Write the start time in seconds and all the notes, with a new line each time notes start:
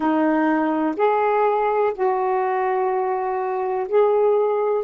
0.00 D#4
0.96 G#4
1.94 F#4
3.88 G#4